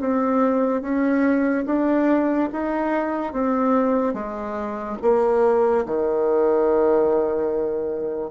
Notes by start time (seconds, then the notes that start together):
0.00 C4
0.82 C#4
1.66 D4
2.53 D#4
3.33 C4
4.14 G#3
5.02 A#3
5.86 D#3